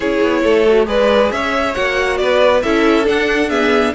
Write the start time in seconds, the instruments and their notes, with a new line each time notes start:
0.00 cello C#4, viola E4, violin G#4 C#5
0.22 cello B3
0.43 cello A3, violin A4
0.68 viola F#4
0.85 cello G#3, viola G#4, violin B4 D5
1.31 cello C#4, violin C#5 E5
1.74 cello A#3, viola F#4, violin F#5
2.17 cello B3, violin B4 D5
2.62 cello C#4, viola E4, violin A4 E5
3.04 viola D4, cello D4, violin F#5
3.49 viola B3, violin G#4 E5